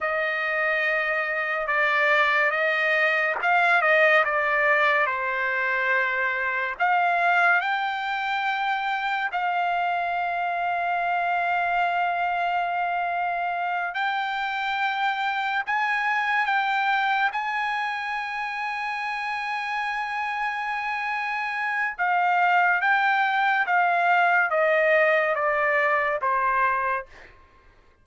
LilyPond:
\new Staff \with { instrumentName = "trumpet" } { \time 4/4 \tempo 4 = 71 dis''2 d''4 dis''4 | f''8 dis''8 d''4 c''2 | f''4 g''2 f''4~ | f''1~ |
f''8 g''2 gis''4 g''8~ | g''8 gis''2.~ gis''8~ | gis''2 f''4 g''4 | f''4 dis''4 d''4 c''4 | }